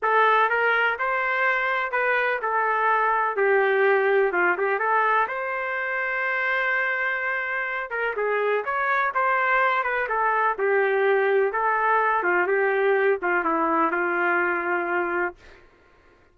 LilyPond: \new Staff \with { instrumentName = "trumpet" } { \time 4/4 \tempo 4 = 125 a'4 ais'4 c''2 | b'4 a'2 g'4~ | g'4 f'8 g'8 a'4 c''4~ | c''1~ |
c''8 ais'8 gis'4 cis''4 c''4~ | c''8 b'8 a'4 g'2 | a'4. f'8 g'4. f'8 | e'4 f'2. | }